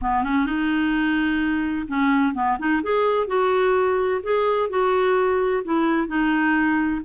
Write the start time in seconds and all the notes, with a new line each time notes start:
0.01 B3
0.23 C#4
0.46 D#4
1.87 C#4
2.34 B3
2.58 D#4
2.83 G#4
3.27 F#4
4.22 G#4
4.69 F#4
5.64 E4
6.07 D#4